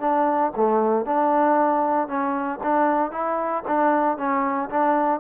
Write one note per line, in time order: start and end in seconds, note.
0.00 0.52 D4
0.56 1.05 A3
1.05 2.07 D4
2.07 2.59 C#4
2.63 3.11 D4
3.11 3.63 E4
3.67 4.17 D4
4.17 4.69 C#4
4.70 5.20 D4